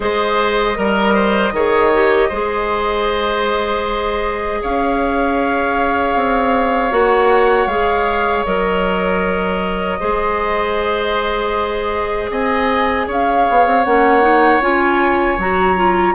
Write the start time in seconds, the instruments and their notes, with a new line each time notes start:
0.00 bassoon G#3, clarinet G#4, oboe C5, flute D#5
0.75 bassoon G3, clarinet A#4, oboe A#4
1.14 oboe C5
1.52 bassoon D#3, clarinet G#4, oboe C#5
1.93 clarinet G4
2.28 bassoon G#3, clarinet G#4, oboe C5
4.62 bassoon C#4, oboe C#5, flute F5
6.15 bassoon C4
6.91 bassoon A#3, clarinet F#4, flute F#5
7.66 bassoon G#3, clarinet G#4, flute F5
8.45 bassoon F#3, clarinet A#4, flute D#5
9.99 bassoon G#3, clarinet G#4, oboe C5
12.30 bassoon C4, oboe D#5, flute G#5
13.07 bassoon C#4, oboe C#5, flute F5
13.49 bassoon B3
13.66 bassoon C4
13.84 bassoon A#3, clarinet C#4, flute F#5
14.21 clarinet D#4
14.60 bassoon C#4, clarinet F4, flute G#5
15.37 bassoon F#3, clarinet F#4, flute A#5
15.76 clarinet F4